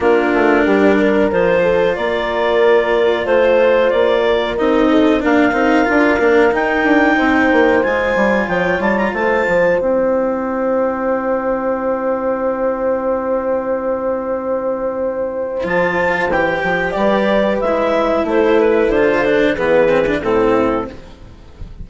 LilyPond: <<
  \new Staff \with { instrumentName = "clarinet" } { \time 4/4 \tempo 4 = 92 ais'2 c''4 d''4~ | d''4 c''4 d''4 dis''4 | f''2 g''2 | gis''4 g''8 a''16 ais''16 a''4 g''4~ |
g''1~ | g''1 | a''4 g''4 d''4 e''4 | c''8 b'8 c''4 b'4 a'4 | }
  \new Staff \with { instrumentName = "horn" } { \time 4/4 f'4 g'8 ais'4 a'8 ais'4~ | ais'4 c''4. ais'4 a'8 | ais'2. c''4~ | c''4 cis''4 c''2~ |
c''1~ | c''1~ | c''2 b'2 | a'2 gis'4 e'4 | }
  \new Staff \with { instrumentName = "cello" } { \time 4/4 d'2 f'2~ | f'2. dis'4 | d'8 dis'8 f'8 d'8 dis'2 | f'2. e'4~ |
e'1~ | e'1 | f'4 g'2 e'4~ | e'4 f'8 d'8 b8 c'16 d'16 c'4 | }
  \new Staff \with { instrumentName = "bassoon" } { \time 4/4 ais8 a8 g4 f4 ais4~ | ais4 a4 ais4 c'4 | ais8 c'8 d'8 ais8 dis'8 d'8 c'8 ais8 | gis8 g8 f8 g8 a8 f8 c'4~ |
c'1~ | c'1 | f4 e8 f8 g4 gis4 | a4 d4 e4 a,4 | }
>>